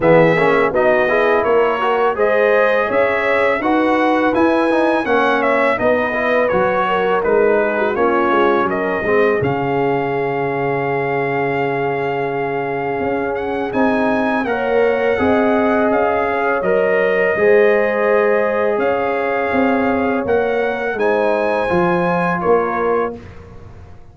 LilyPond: <<
  \new Staff \with { instrumentName = "trumpet" } { \time 4/4 \tempo 4 = 83 e''4 dis''4 cis''4 dis''4 | e''4 fis''4 gis''4 fis''8 e''8 | dis''4 cis''4 b'4 cis''4 | dis''4 f''2.~ |
f''2~ f''8 fis''8 gis''4 | fis''2 f''4 dis''4~ | dis''2 f''2 | fis''4 gis''2 cis''4 | }
  \new Staff \with { instrumentName = "horn" } { \time 4/4 gis'4 fis'8 gis'8 ais'4 c''4 | cis''4 b'2 cis''4 | b'4. ais'4 gis'16 fis'16 f'4 | ais'8 gis'2.~ gis'8~ |
gis'1 | cis''4 dis''4. cis''4. | c''2 cis''2~ | cis''4 c''2 ais'4 | }
  \new Staff \with { instrumentName = "trombone" } { \time 4/4 b8 cis'8 dis'8 e'4 fis'8 gis'4~ | gis'4 fis'4 e'8 dis'8 cis'4 | dis'8 e'8 fis'4 dis'4 cis'4~ | cis'8 c'8 cis'2.~ |
cis'2. dis'4 | ais'4 gis'2 ais'4 | gis'1 | ais'4 dis'4 f'2 | }
  \new Staff \with { instrumentName = "tuba" } { \time 4/4 e8 ais8 b4 ais4 gis4 | cis'4 dis'4 e'4 ais4 | b4 fis4 gis4 ais8 gis8 | fis8 gis8 cis2.~ |
cis2 cis'4 c'4 | ais4 c'4 cis'4 fis4 | gis2 cis'4 c'4 | ais4 gis4 f4 ais4 | }
>>